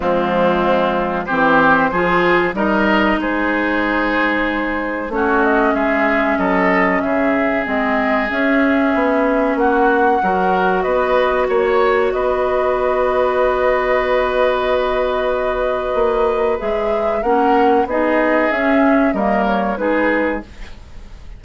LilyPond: <<
  \new Staff \with { instrumentName = "flute" } { \time 4/4 \tempo 4 = 94 f'2 c''2 | dis''4 c''2. | cis''8 dis''8 e''4 dis''4 e''4 | dis''4 e''2 fis''4~ |
fis''4 dis''4 cis''4 dis''4~ | dis''1~ | dis''2 e''4 fis''4 | dis''4 e''4 dis''8 cis''8 b'4 | }
  \new Staff \with { instrumentName = "oboe" } { \time 4/4 c'2 g'4 gis'4 | ais'4 gis'2. | fis'4 gis'4 a'4 gis'4~ | gis'2. fis'4 |
ais'4 b'4 cis''4 b'4~ | b'1~ | b'2. ais'4 | gis'2 ais'4 gis'4 | }
  \new Staff \with { instrumentName = "clarinet" } { \time 4/4 gis2 c'4 f'4 | dis'1 | cis'1 | c'4 cis'2. |
fis'1~ | fis'1~ | fis'2 gis'4 cis'4 | dis'4 cis'4 ais4 dis'4 | }
  \new Staff \with { instrumentName = "bassoon" } { \time 4/4 f2 e4 f4 | g4 gis2. | a4 gis4 fis4 cis4 | gis4 cis'4 b4 ais4 |
fis4 b4 ais4 b4~ | b1~ | b4 ais4 gis4 ais4 | b4 cis'4 g4 gis4 | }
>>